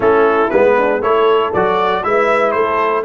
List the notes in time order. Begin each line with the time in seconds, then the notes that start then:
0.00 A3 C#4 E4 A4
0.50 G#3 B3 B4
0.77 D4
1.01 A3 E4 A4 C#5
1.53 F#3 F#4 D5
2.03 G#3 E4 B4 E5
2.51 A3 A4 C5